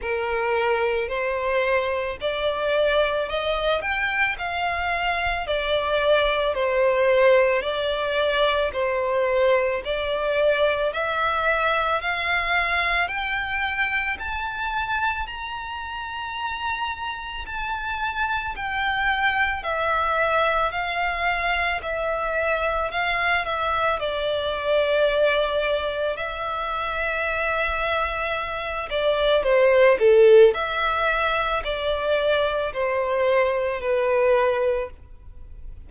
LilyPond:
\new Staff \with { instrumentName = "violin" } { \time 4/4 \tempo 4 = 55 ais'4 c''4 d''4 dis''8 g''8 | f''4 d''4 c''4 d''4 | c''4 d''4 e''4 f''4 | g''4 a''4 ais''2 |
a''4 g''4 e''4 f''4 | e''4 f''8 e''8 d''2 | e''2~ e''8 d''8 c''8 a'8 | e''4 d''4 c''4 b'4 | }